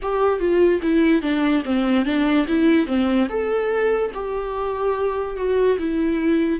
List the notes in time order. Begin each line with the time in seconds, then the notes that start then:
0.02 G4
0.39 F4
0.82 E4
1.21 D4
1.64 C4
2.05 D4
2.47 E4
2.86 C4
3.29 A4
4.14 G4
5.36 F#4
5.78 E4